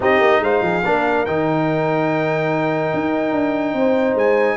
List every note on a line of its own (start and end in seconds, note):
0.00 0.20 C4
0.00 0.83 D#4
0.00 0.42 G4
0.00 0.43 D#5
0.20 0.40 A#3
0.40 0.61 G#3
0.40 0.63 C5
0.40 1.25 F5
0.61 0.82 F3
0.61 0.83 G#4
0.83 1.26 A#3
0.83 1.26 D4
0.83 3.75 A#4
1.25 2.93 D#3
1.25 4.56 D#4
1.25 4.17 G5
2.93 3.32 D#4
3.32 3.73 D4
3.73 4.14 C4
3.73 4.56 C5
4.14 4.56 G#3
4.14 4.56 G#5